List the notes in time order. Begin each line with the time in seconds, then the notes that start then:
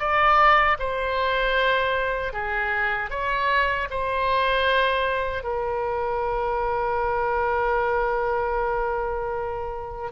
0.00 D5
0.80 C5
2.33 G#4
3.11 C#5
3.91 C5
5.44 A#4